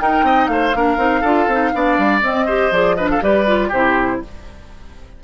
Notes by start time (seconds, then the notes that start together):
0.00 D#4 A#4 G5
0.23 C4 D#5
0.48 A3 C5 F5
0.75 A#3 D4 A#4
0.98 C4 D#4
1.21 D4 F4 A4
1.48 C4 D#4
1.74 B3 D4 D5
1.99 G3
2.22 C4 D#5
2.46 G4 C5
2.71 F3 G#4 D5
2.96 D4 B4 D#5
3.10 A4 F5
3.21 G3 G4 B4 D5
3.47 F4
3.69 C3 E4 G4 C5